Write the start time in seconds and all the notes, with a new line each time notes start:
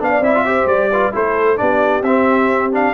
0.00 B3 D4 D5 F5
0.20 C4 E4 E5
0.36 F4
0.46 G4 C5
0.66 G3 D5
0.91 F4 B4
1.13 A3 E4 A4 C5
1.57 B3 D4 G4 D5
2.02 C4 E5
2.73 D4 F5